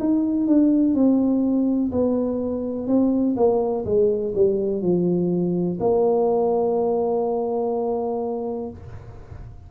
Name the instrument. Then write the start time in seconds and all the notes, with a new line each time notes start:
tuba
0.00 D#4
0.48 D4
0.95 C4
1.92 B3
2.88 C4
3.37 A#3
3.86 G#3
4.35 G3
4.82 F3
5.80 A#3